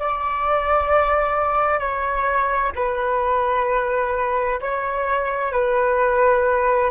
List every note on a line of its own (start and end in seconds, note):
0.00 1.80 D5
1.80 2.72 C#5
2.76 4.60 B4
4.61 5.53 C#5
5.53 6.91 B4